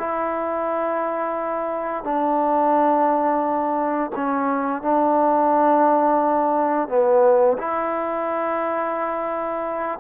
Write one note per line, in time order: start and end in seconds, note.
0.00 2.05 E4
2.05 4.12 D4
4.16 4.82 C#4
4.82 6.89 D4
6.89 7.58 B3
7.58 10.00 E4